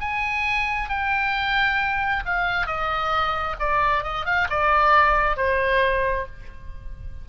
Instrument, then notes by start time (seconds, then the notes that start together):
oboe
0.00 G#5
0.89 G5
2.25 F5
2.66 D#5
3.59 D5
4.03 D#5
4.25 F5
4.49 D5
5.36 C5